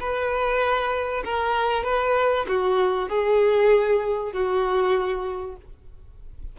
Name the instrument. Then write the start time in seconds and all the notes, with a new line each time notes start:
violin
0.00 B4
1.25 A#4
1.84 B4
2.49 F#4
3.09 G#4
4.33 F#4